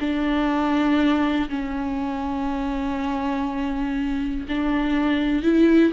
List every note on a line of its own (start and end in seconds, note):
0.00 1.49 D4
1.49 4.47 C#4
4.49 5.43 D4
5.43 5.92 E4